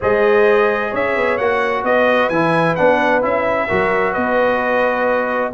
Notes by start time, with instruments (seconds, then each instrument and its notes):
0.00 tuba G#3, trombone G#4, horn C5, trumpet D#5
0.90 tuba C#4, horn C#5, trumpet E5
1.16 tuba B3
1.37 tuba A#3, trombone F#4, trumpet F#5
1.83 tuba B3, horn B4, trumpet D#5
2.29 tuba E3, trombone E4, trumpet G#5
2.75 tuba B3, trombone D4, trumpet F#5
3.21 tuba C#4, trombone E4, trumpet E5
3.67 tuba F#3, trombone F#4, horn A#4
4.12 tuba B3, horn B4, trumpet D#5